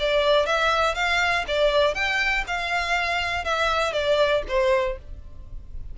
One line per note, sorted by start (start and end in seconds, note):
0.00 0.47 D5
0.47 0.95 E5
0.95 1.45 F5
1.48 1.95 D5
1.95 2.45 G5
2.48 3.45 F5
3.45 3.93 E5
3.93 4.43 D5
4.48 4.98 C5